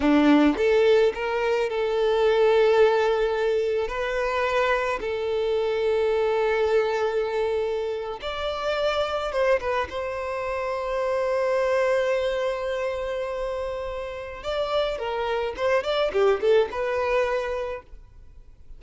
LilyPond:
\new Staff \with { instrumentName = "violin" } { \time 4/4 \tempo 4 = 108 d'4 a'4 ais'4 a'4~ | a'2. b'4~ | b'4 a'2.~ | a'2~ a'8. d''4~ d''16~ |
d''8. c''8 b'8 c''2~ c''16~ | c''1~ | c''2 d''4 ais'4 | c''8 d''8 g'8 a'8 b'2 | }